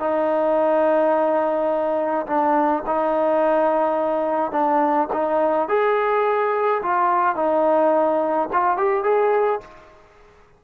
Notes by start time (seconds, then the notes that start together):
0.00 D#4
2.27 D4
2.87 D#4
4.52 D4
5.13 D#4
5.69 G#4
6.83 F4
7.36 D#4
8.53 F4
8.78 G4
9.04 G#4